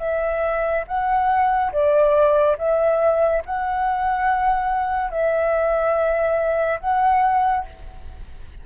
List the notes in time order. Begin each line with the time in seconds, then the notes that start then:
0.00 E5
0.88 F#5
1.72 D5
2.59 E5
3.46 F#5
5.11 E5
6.81 F#5